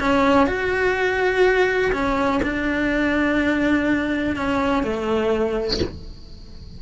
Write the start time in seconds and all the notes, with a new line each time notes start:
0.00 C#4
0.47 F#4
1.93 C#4
2.43 D4
4.37 C#4
4.84 A3